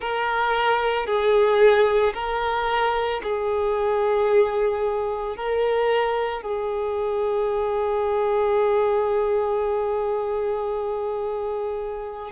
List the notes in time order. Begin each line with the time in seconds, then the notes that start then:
0.00 A#4
1.06 G#4
2.14 A#4
3.23 G#4
5.36 A#4
6.42 G#4